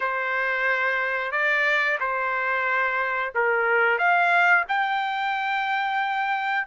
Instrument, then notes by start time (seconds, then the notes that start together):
trumpet
0.00 C5
1.31 D5
2.00 C5
3.35 A#4
3.98 F5
4.68 G5